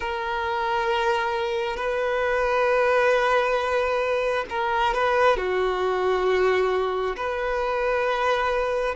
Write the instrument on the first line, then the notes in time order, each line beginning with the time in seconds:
violin
0.00 A#4
1.76 B4
4.49 A#4
4.94 B4
5.36 F#4
7.16 B4